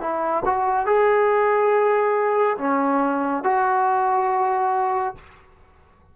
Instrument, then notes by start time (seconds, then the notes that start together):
trombone
0.00 E4
0.45 F#4
0.86 G#4
2.58 C#4
3.44 F#4